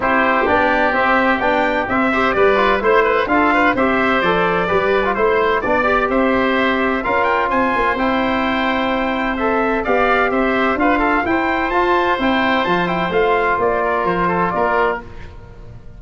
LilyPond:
<<
  \new Staff \with { instrumentName = "trumpet" } { \time 4/4 \tempo 4 = 128 c''4 d''4 e''4 g''4 | e''4 d''4 c''4 f''4 | e''4 d''2 c''4 | d''4 e''2 f''8 g''8 |
gis''4 g''2. | e''4 f''4 e''4 f''4 | g''4 a''4 g''4 a''8 g''8 | f''4 d''4 c''4 d''4 | }
  \new Staff \with { instrumentName = "oboe" } { \time 4/4 g'1~ | g'8 c''8 b'4 c''8 b'8 a'8 b'8 | c''2 b'4 c''4 | d''4 c''2 ais'4 |
c''1~ | c''4 d''4 c''4 b'8 a'8 | c''1~ | c''4. ais'4 a'8 ais'4 | }
  \new Staff \with { instrumentName = "trombone" } { \time 4/4 e'4 d'4 c'4 d'4 | c'8 g'4 f'8 e'4 f'4 | g'4 a'4 g'8. f'16 e'4 | d'8 g'2~ g'8 f'4~ |
f'4 e'2. | a'4 g'2 f'4 | e'4 f'4 e'4 f'8 e'8 | f'1 | }
  \new Staff \with { instrumentName = "tuba" } { \time 4/4 c'4 b4 c'4 b4 | c'4 g4 a4 d'4 | c'4 f4 g4 a4 | b4 c'2 cis'4 |
c'8 ais8 c'2.~ | c'4 b4 c'4 d'4 | e'4 f'4 c'4 f4 | a4 ais4 f4 ais4 | }
>>